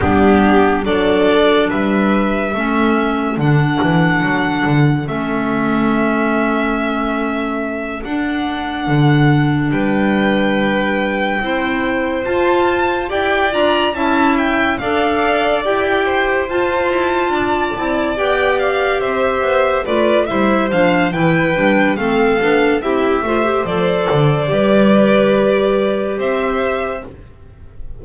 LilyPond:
<<
  \new Staff \with { instrumentName = "violin" } { \time 4/4 \tempo 4 = 71 g'4 d''4 e''2 | fis''2 e''2~ | e''4. fis''2 g''8~ | g''2~ g''8 a''4 g''8 |
ais''8 a''8 g''8 f''4 g''4 a''8~ | a''4. g''8 f''8 e''4 d''8 | e''8 f''8 g''4 f''4 e''4 | d''2. e''4 | }
  \new Staff \with { instrumentName = "violin" } { \time 4/4 d'4 a'4 b'4 a'4~ | a'1~ | a'2.~ a'8 b'8~ | b'4. c''2 d''8~ |
d''8 e''4 d''4. c''4~ | c''8 d''2 c''4 b'8 | c''4 b'4 a'4 g'8 c''8~ | c''4 b'2 c''4 | }
  \new Staff \with { instrumentName = "clarinet" } { \time 4/4 b4 d'2 cis'4 | d'2 cis'2~ | cis'4. d'2~ d'8~ | d'4. e'4 f'4 g'8 |
f'8 e'4 a'4 g'4 f'8~ | f'4 e'8 g'2 f'8 | e'8 d'8 e'8 d'8 c'8 d'8 e'8 f'16 g'16 | a'4 g'2. | }
  \new Staff \with { instrumentName = "double bass" } { \time 4/4 g4 fis4 g4 a4 | d8 e8 fis8 d8 a2~ | a4. d'4 d4 g8~ | g4. c'4 f'4 e'8 |
d'8 cis'4 d'4 e'4 f'8 | e'8 d'8 c'8 b4 c'8 b8 a8 | g8 f8 e8 g8 a8 b8 c'8 a8 | f8 d8 g2 c'4 | }
>>